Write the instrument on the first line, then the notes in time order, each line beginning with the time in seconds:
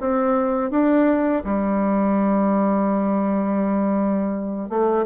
bassoon
0.00 C4
0.71 D4
1.44 G3
4.69 A3